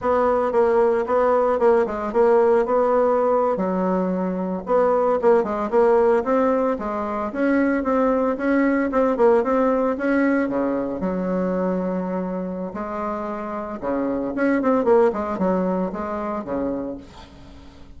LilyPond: \new Staff \with { instrumentName = "bassoon" } { \time 4/4 \tempo 4 = 113 b4 ais4 b4 ais8 gis8 | ais4 b4.~ b16 fis4~ fis16~ | fis8. b4 ais8 gis8 ais4 c'16~ | c'8. gis4 cis'4 c'4 cis'16~ |
cis'8. c'8 ais8 c'4 cis'4 cis16~ | cis8. fis2.~ fis16 | gis2 cis4 cis'8 c'8 | ais8 gis8 fis4 gis4 cis4 | }